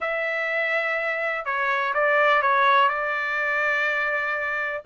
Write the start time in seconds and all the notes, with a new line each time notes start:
0.00 E5
1.45 C#5
1.94 D5
2.42 C#5
2.89 D5